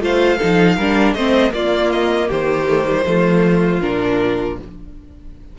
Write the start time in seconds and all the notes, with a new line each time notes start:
0.00 A3 F4 C5 F5
0.38 F3 D#4 A4
0.77 G3 D4 A#4
1.14 A3 C4 C5 D#5
1.50 A#3 F4 D5
1.92 D#5
2.29 D#3 G4 C5
2.69 A3
2.85 G3
3.06 F3 A3 F4
3.82 A#2 D4 A#4